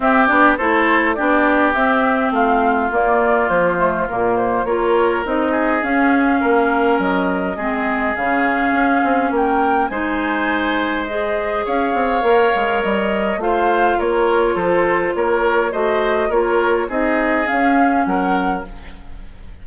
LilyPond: <<
  \new Staff \with { instrumentName = "flute" } { \time 4/4 \tempo 4 = 103 e''8 d''8 c''4 d''4 e''4 | f''4 d''4 c''4 ais'8 c''8 | cis''4 dis''4 f''2 | dis''2 f''2 |
g''4 gis''2 dis''4 | f''2 dis''4 f''4 | cis''4 c''4 cis''4 dis''4 | cis''4 dis''4 f''4 fis''4 | }
  \new Staff \with { instrumentName = "oboe" } { \time 4/4 g'4 a'4 g'2 | f'1 | ais'4. gis'4. ais'4~ | ais'4 gis'2. |
ais'4 c''2. | cis''2. c''4 | ais'4 a'4 ais'4 c''4 | ais'4 gis'2 ais'4 | }
  \new Staff \with { instrumentName = "clarinet" } { \time 4/4 c'8 d'8 e'4 d'4 c'4~ | c'4 ais4. a8 ais4 | f'4 dis'4 cis'2~ | cis'4 c'4 cis'2~ |
cis'4 dis'2 gis'4~ | gis'4 ais'2 f'4~ | f'2. fis'4 | f'4 dis'4 cis'2 | }
  \new Staff \with { instrumentName = "bassoon" } { \time 4/4 c'8 b8 a4 b4 c'4 | a4 ais4 f4 ais,4 | ais4 c'4 cis'4 ais4 | fis4 gis4 cis4 cis'8 c'8 |
ais4 gis2. | cis'8 c'8 ais8 gis8 g4 a4 | ais4 f4 ais4 a4 | ais4 c'4 cis'4 fis4 | }
>>